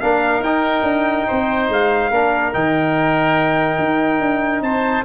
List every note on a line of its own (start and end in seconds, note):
0.00 0.40 A#3
0.00 0.43 D4
0.00 1.27 A#4
0.00 0.42 F5
0.40 0.81 D#4
0.40 2.12 D#4
0.40 1.69 G5
0.82 1.24 D4
1.27 1.69 C4
1.27 2.11 C5
1.69 2.10 G#3
1.69 2.53 F5
2.10 2.52 A#3
2.10 2.53 D4
2.10 4.62 A#4
2.53 3.78 D#3
2.53 5.04 D#4
2.53 4.62 G5
3.78 4.19 D#4
4.19 4.60 D4
4.60 5.02 C4
4.60 5.05 C5
4.60 5.04 A5